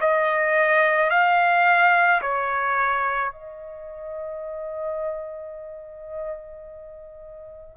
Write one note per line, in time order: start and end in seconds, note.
0.00 1.10 D#5
1.10 2.21 F5
2.21 3.32 C#5
3.32 7.76 D#5